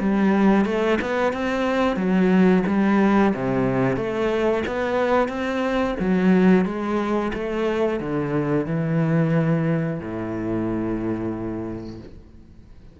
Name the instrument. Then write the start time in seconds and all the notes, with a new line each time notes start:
cello
0.00 G3
0.65 A3
1.02 B3
1.33 C4
1.97 F#3
2.67 G3
3.35 C3
3.97 A3
4.67 B3
5.29 C4
6.00 F#3
6.65 G#3
7.34 A3
8.00 D3
8.66 E3
10.00 A2